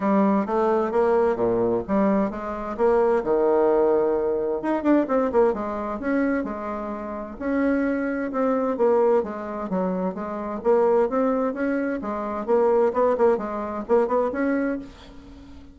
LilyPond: \new Staff \with { instrumentName = "bassoon" } { \time 4/4 \tempo 4 = 130 g4 a4 ais4 ais,4 | g4 gis4 ais4 dis4~ | dis2 dis'8 d'8 c'8 ais8 | gis4 cis'4 gis2 |
cis'2 c'4 ais4 | gis4 fis4 gis4 ais4 | c'4 cis'4 gis4 ais4 | b8 ais8 gis4 ais8 b8 cis'4 | }